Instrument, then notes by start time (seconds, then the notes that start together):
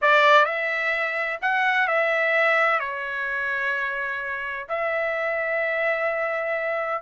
trumpet
0.01 D5
0.45 E5
1.41 F#5
1.87 E5
2.79 C#5
4.68 E5